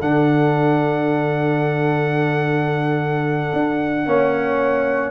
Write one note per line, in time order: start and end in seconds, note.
0.00 3.51 D3
0.00 4.06 D4
0.00 4.05 A4
0.00 5.10 F#5
3.53 4.06 D4
4.05 5.10 A#3
4.05 5.10 C#4
4.05 5.10 C#5